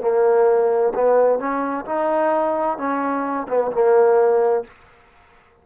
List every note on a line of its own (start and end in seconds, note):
0.00 0.92 A#3
0.94 1.38 B3
1.38 1.85 C#4
1.85 2.77 D#4
2.77 3.47 C#4
3.48 3.71 B3
3.71 4.64 A#3